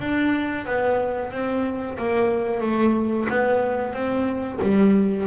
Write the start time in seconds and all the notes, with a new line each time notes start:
0.00 D4
0.66 B3
1.32 C4
1.98 A#3
2.61 A3
3.29 B3
3.94 C4
4.62 G3